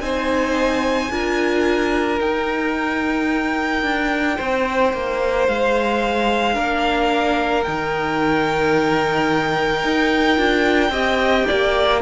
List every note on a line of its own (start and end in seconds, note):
0.00 1.09 C4
0.00 1.09 D#4
0.00 1.11 C5
0.00 2.19 G#5
1.10 2.19 D4
1.10 2.18 F4
1.10 4.36 A#4
2.18 6.54 D#4
2.18 3.82 D#4
2.18 5.47 G5
3.82 4.37 D4
4.36 4.93 C4
4.36 6.54 C5
4.93 5.47 A#3
5.47 6.57 G#3
5.47 7.63 F5
6.54 7.66 A#3
6.54 7.63 D4
6.54 10.91 A#4
7.63 9.84 D#3
7.63 10.36 D#4
7.63 12.00 G5
9.84 10.37 D#4
10.36 10.90 D4
10.36 10.90 F4
10.90 11.44 C4
10.90 12.01 G4
10.90 11.46 D#5
11.47 12.01 A#3
11.47 12.01 D5